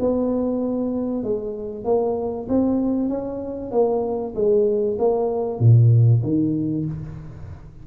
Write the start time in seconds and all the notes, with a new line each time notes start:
0.00 B3
1.24 G#3
1.85 A#3
2.49 C4
3.09 C#4
3.72 A#3
4.35 G#3
4.99 A#3
5.60 A#2
6.23 D#3